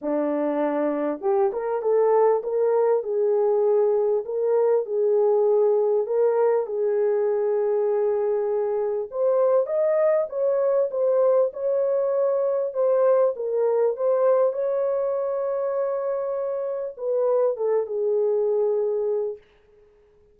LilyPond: \new Staff \with { instrumentName = "horn" } { \time 4/4 \tempo 4 = 99 d'2 g'8 ais'8 a'4 | ais'4 gis'2 ais'4 | gis'2 ais'4 gis'4~ | gis'2. c''4 |
dis''4 cis''4 c''4 cis''4~ | cis''4 c''4 ais'4 c''4 | cis''1 | b'4 a'8 gis'2~ gis'8 | }